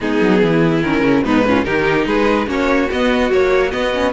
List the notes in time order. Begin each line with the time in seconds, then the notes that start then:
0.00 G#3 B3 D#4 G#4
0.21 F#3
0.42 E3 E4
0.82 D#3 C#4 A#4
1.00 C#3
1.24 G#2 B3 D#4 B4
1.45 C#4 F4
1.64 D#3 D#4 G4 A#4
2.06 G#3 G#4 B4
2.47 A#3 C#4 F#4 C#5
2.90 B3 D#5
3.30 F#3 A#3 C#5
3.71 B3 D#5
3.94 C#4